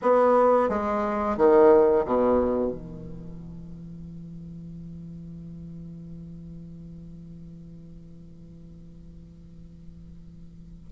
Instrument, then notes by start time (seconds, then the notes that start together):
bassoon
0.02 B3
0.69 G#3
1.37 D#3
2.05 B2
2.71 E3